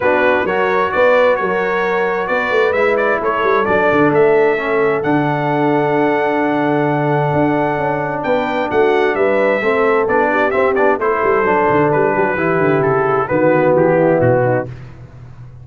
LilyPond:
<<
  \new Staff \with { instrumentName = "trumpet" } { \time 4/4 \tempo 4 = 131 b'4 cis''4 d''4 cis''4~ | cis''4 d''4 e''8 d''8 cis''4 | d''4 e''2 fis''4~ | fis''1~ |
fis''2 g''4 fis''4 | e''2 d''4 e''8 d''8 | c''2 b'2 | a'4 b'4 g'4 fis'4 | }
  \new Staff \with { instrumentName = "horn" } { \time 4/4 fis'4 ais'4 b'4 ais'4~ | ais'4 b'2 a'4~ | a'1~ | a'1~ |
a'2 b'4 fis'4 | b'4 a'4. g'4. | a'2~ a'8 g'16 fis'16 g'4~ | g'4 fis'4. e'4 dis'8 | }
  \new Staff \with { instrumentName = "trombone" } { \time 4/4 d'4 fis'2.~ | fis'2 e'2 | d'2 cis'4 d'4~ | d'1~ |
d'1~ | d'4 c'4 d'4 c'8 d'8 | e'4 d'2 e'4~ | e'4 b2. | }
  \new Staff \with { instrumentName = "tuba" } { \time 4/4 b4 fis4 b4 fis4~ | fis4 b8 a8 gis4 a8 g8 | fis8 d8 a2 d4~ | d1 |
d'4 cis'4 b4 a4 | g4 a4 b4 c'8 b8 | a8 g8 fis8 d8 g8 fis8 e8 d8 | cis4 dis4 e4 b,4 | }
>>